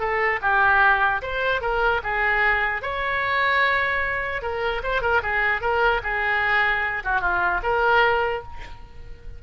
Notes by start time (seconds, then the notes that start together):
0.00 A4
0.42 G4
1.23 C5
1.62 A#4
2.04 G#4
2.83 C#5
4.43 A#4
4.84 C5
5.02 A#4
5.23 G#4
5.62 A#4
6.04 G#4
7.04 F#4
7.21 F4
7.63 A#4